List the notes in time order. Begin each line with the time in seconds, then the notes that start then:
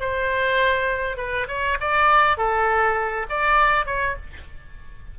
0.00 C5
1.17 B4
1.48 C#5
1.80 D5
2.37 A4
3.29 D5
3.86 C#5